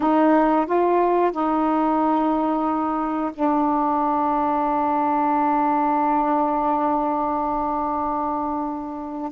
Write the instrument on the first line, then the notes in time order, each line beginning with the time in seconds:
saxophone
0.00 D#4
0.65 F4
1.31 D#4
3.33 D4